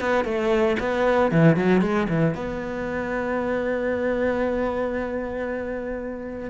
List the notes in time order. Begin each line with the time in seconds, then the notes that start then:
0.00 B3
0.24 A3
0.79 B3
1.31 E3
1.56 F#3
1.81 G#3
2.08 E3
2.35 B3